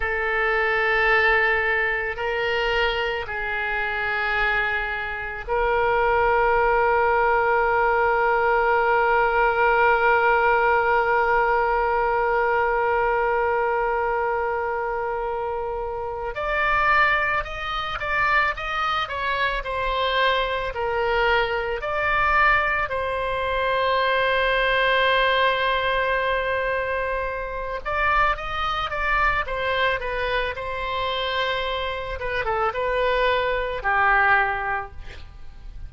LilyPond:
\new Staff \with { instrumentName = "oboe" } { \time 4/4 \tempo 4 = 55 a'2 ais'4 gis'4~ | gis'4 ais'2.~ | ais'1~ | ais'2. d''4 |
dis''8 d''8 dis''8 cis''8 c''4 ais'4 | d''4 c''2.~ | c''4. d''8 dis''8 d''8 c''8 b'8 | c''4. b'16 a'16 b'4 g'4 | }